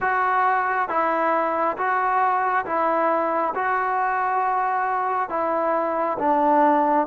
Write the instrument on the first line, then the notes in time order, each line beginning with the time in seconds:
trombone
0.00 F#4
0.88 E4
1.76 F#4
2.65 E4
3.55 F#4
5.29 E4
6.18 D4